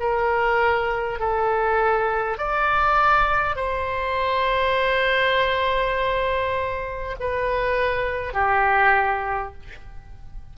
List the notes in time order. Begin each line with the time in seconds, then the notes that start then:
0.00 A#4
1.20 A4
2.38 D5
3.56 C5
7.21 B4
8.34 G4